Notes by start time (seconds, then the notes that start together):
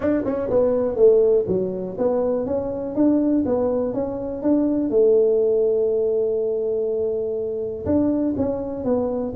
0.00 D4
0.25 C#4
0.50 B3
0.96 A3
1.47 F#3
1.98 B3
2.46 C#4
2.95 D4
3.45 B3
3.93 C#4
4.42 D4
4.90 A3
7.85 D4
8.36 C#4
8.84 B3